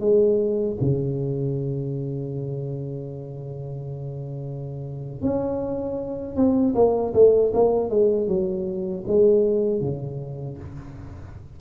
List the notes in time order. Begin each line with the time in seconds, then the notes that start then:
0.00 G#3
0.81 C#3
5.22 C#4
6.36 C4
6.75 A#3
7.14 A3
7.53 A#3
7.89 G#3
8.27 F#3
9.07 G#3
9.81 C#3